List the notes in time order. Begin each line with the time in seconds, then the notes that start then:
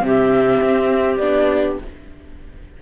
0.00 C3 C4 G4 E5
0.61 C4
1.16 B3 D4 D5